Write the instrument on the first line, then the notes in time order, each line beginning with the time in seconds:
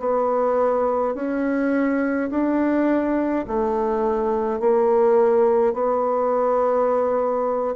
bassoon
0.00 B3
1.15 C#4
2.30 D4
3.48 A3
4.60 A#3
5.74 B3